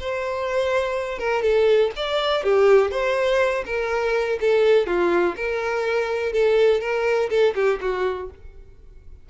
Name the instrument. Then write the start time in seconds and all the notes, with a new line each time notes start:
violin
0.00 C5
1.19 A#4
1.42 A4
1.96 D5
2.43 G4
2.91 C5
3.66 A#4
4.41 A4
4.86 F4
5.36 A#4
6.33 A4
6.80 A#4
7.30 A4
7.55 G4
7.81 F#4